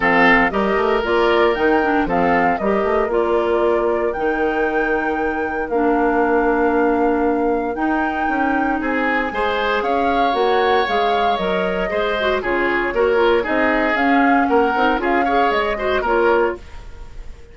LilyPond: <<
  \new Staff \with { instrumentName = "flute" } { \time 4/4 \tempo 4 = 116 f''4 dis''4 d''4 g''4 | f''4 dis''4 d''2 | g''2. f''4~ | f''2. g''4~ |
g''4 gis''2 f''4 | fis''4 f''4 dis''2 | cis''2 dis''4 f''4 | fis''4 f''4 dis''4 cis''4 | }
  \new Staff \with { instrumentName = "oboe" } { \time 4/4 a'4 ais'2. | a'4 ais'2.~ | ais'1~ | ais'1~ |
ais'4 gis'4 c''4 cis''4~ | cis''2. c''4 | gis'4 ais'4 gis'2 | ais'4 gis'8 cis''4 c''8 ais'4 | }
  \new Staff \with { instrumentName = "clarinet" } { \time 4/4 c'4 g'4 f'4 dis'8 d'8 | c'4 g'4 f'2 | dis'2. d'4~ | d'2. dis'4~ |
dis'2 gis'2 | fis'4 gis'4 ais'4 gis'8 fis'8 | f'4 fis'8 f'8 dis'4 cis'4~ | cis'8 dis'8 f'8 gis'4 fis'8 f'4 | }
  \new Staff \with { instrumentName = "bassoon" } { \time 4/4 f4 g8 a8 ais4 dis4 | f4 g8 a8 ais2 | dis2. ais4~ | ais2. dis'4 |
cis'4 c'4 gis4 cis'4 | ais4 gis4 fis4 gis4 | cis4 ais4 c'4 cis'4 | ais8 c'8 cis'4 gis4 ais4 | }
>>